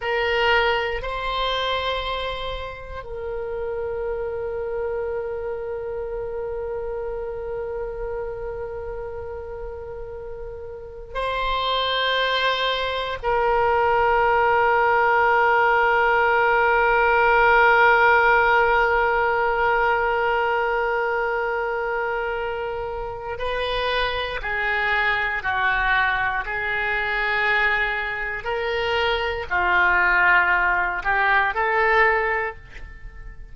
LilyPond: \new Staff \with { instrumentName = "oboe" } { \time 4/4 \tempo 4 = 59 ais'4 c''2 ais'4~ | ais'1~ | ais'2. c''4~ | c''4 ais'2.~ |
ais'1~ | ais'2. b'4 | gis'4 fis'4 gis'2 | ais'4 f'4. g'8 a'4 | }